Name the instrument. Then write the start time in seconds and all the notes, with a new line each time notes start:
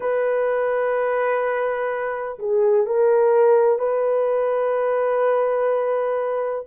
horn
0.00 B4
2.38 G#4
2.86 A#4
3.78 B4